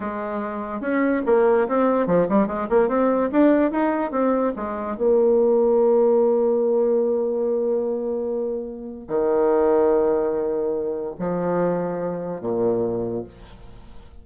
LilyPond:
\new Staff \with { instrumentName = "bassoon" } { \time 4/4 \tempo 4 = 145 gis2 cis'4 ais4 | c'4 f8 g8 gis8 ais8 c'4 | d'4 dis'4 c'4 gis4 | ais1~ |
ais1~ | ais2 dis2~ | dis2. f4~ | f2 ais,2 | }